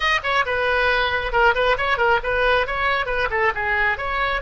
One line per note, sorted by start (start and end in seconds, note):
0.00 0.20 D#5
0.23 0.45 C#5
0.45 1.32 B4
1.32 1.54 A#4
1.54 1.76 B4
1.77 1.97 C#5
1.97 2.19 A#4
2.23 2.66 B4
2.66 3.06 C#5
3.06 3.28 B4
3.30 3.52 A4
3.55 3.97 G#4
3.97 4.41 C#5